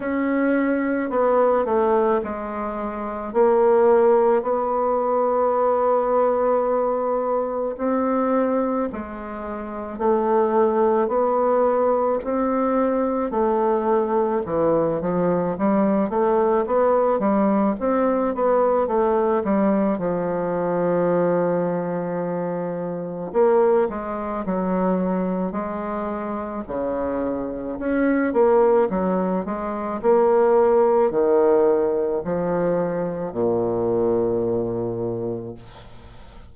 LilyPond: \new Staff \with { instrumentName = "bassoon" } { \time 4/4 \tempo 4 = 54 cis'4 b8 a8 gis4 ais4 | b2. c'4 | gis4 a4 b4 c'4 | a4 e8 f8 g8 a8 b8 g8 |
c'8 b8 a8 g8 f2~ | f4 ais8 gis8 fis4 gis4 | cis4 cis'8 ais8 fis8 gis8 ais4 | dis4 f4 ais,2 | }